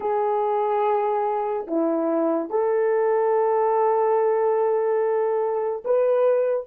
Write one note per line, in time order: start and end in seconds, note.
0.00 1.66 G#4
1.67 2.50 E4
2.50 5.83 A4
5.84 6.67 B4